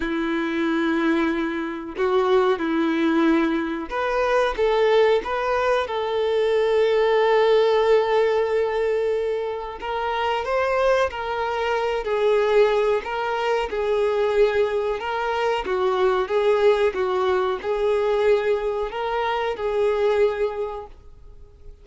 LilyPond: \new Staff \with { instrumentName = "violin" } { \time 4/4 \tempo 4 = 92 e'2. fis'4 | e'2 b'4 a'4 | b'4 a'2.~ | a'2. ais'4 |
c''4 ais'4. gis'4. | ais'4 gis'2 ais'4 | fis'4 gis'4 fis'4 gis'4~ | gis'4 ais'4 gis'2 | }